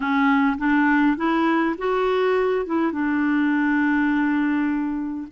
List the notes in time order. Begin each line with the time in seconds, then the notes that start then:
0.00 C#4
0.57 D4
1.16 E4
1.78 F#4
2.66 E4
2.92 D4